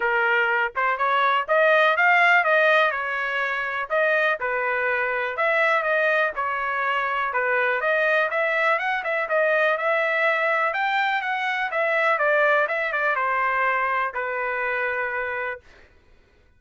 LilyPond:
\new Staff \with { instrumentName = "trumpet" } { \time 4/4 \tempo 4 = 123 ais'4. c''8 cis''4 dis''4 | f''4 dis''4 cis''2 | dis''4 b'2 e''4 | dis''4 cis''2 b'4 |
dis''4 e''4 fis''8 e''8 dis''4 | e''2 g''4 fis''4 | e''4 d''4 e''8 d''8 c''4~ | c''4 b'2. | }